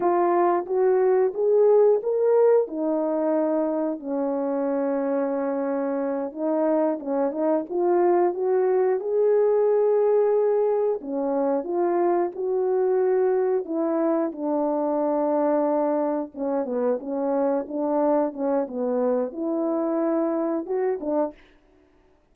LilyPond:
\new Staff \with { instrumentName = "horn" } { \time 4/4 \tempo 4 = 90 f'4 fis'4 gis'4 ais'4 | dis'2 cis'2~ | cis'4. dis'4 cis'8 dis'8 f'8~ | f'8 fis'4 gis'2~ gis'8~ |
gis'8 cis'4 f'4 fis'4.~ | fis'8 e'4 d'2~ d'8~ | d'8 cis'8 b8 cis'4 d'4 cis'8 | b4 e'2 fis'8 d'8 | }